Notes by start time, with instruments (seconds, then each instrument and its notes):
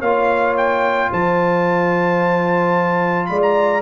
0.00 tuba A#3, trombone F4, horn C#5, trumpet F5
0.57 trumpet G5
1.11 tuba F3, horn C5, trumpet A5
3.26 tuba G#3, horn D5, trumpet B5
3.42 trumpet A#5